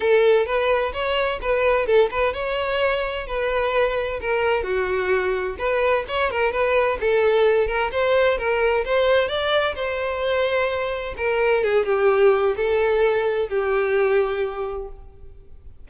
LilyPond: \new Staff \with { instrumentName = "violin" } { \time 4/4 \tempo 4 = 129 a'4 b'4 cis''4 b'4 | a'8 b'8 cis''2 b'4~ | b'4 ais'4 fis'2 | b'4 cis''8 ais'8 b'4 a'4~ |
a'8 ais'8 c''4 ais'4 c''4 | d''4 c''2. | ais'4 gis'8 g'4. a'4~ | a'4 g'2. | }